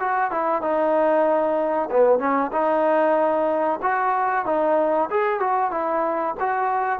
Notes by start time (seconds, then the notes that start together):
0.00 F#4
0.31 E4
0.62 D#4
1.91 B3
2.19 C#4
2.52 D#4
3.82 F#4
4.46 D#4
5.10 G#4
5.40 F#4
5.71 E4
6.40 F#4